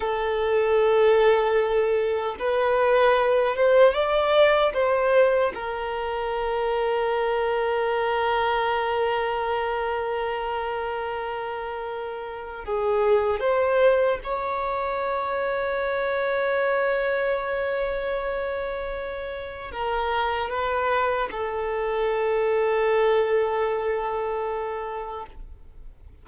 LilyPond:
\new Staff \with { instrumentName = "violin" } { \time 4/4 \tempo 4 = 76 a'2. b'4~ | b'8 c''8 d''4 c''4 ais'4~ | ais'1~ | ais'1 |
gis'4 c''4 cis''2~ | cis''1~ | cis''4 ais'4 b'4 a'4~ | a'1 | }